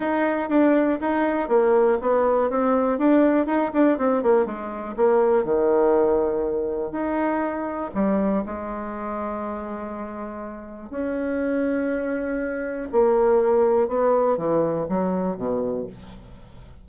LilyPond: \new Staff \with { instrumentName = "bassoon" } { \time 4/4 \tempo 4 = 121 dis'4 d'4 dis'4 ais4 | b4 c'4 d'4 dis'8 d'8 | c'8 ais8 gis4 ais4 dis4~ | dis2 dis'2 |
g4 gis2.~ | gis2 cis'2~ | cis'2 ais2 | b4 e4 fis4 b,4 | }